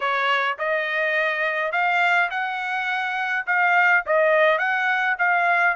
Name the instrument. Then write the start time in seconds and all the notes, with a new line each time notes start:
trumpet
0.00 C#5
0.58 D#5
1.72 F5
2.30 F#5
3.46 F5
4.05 D#5
4.58 F#5
5.18 F5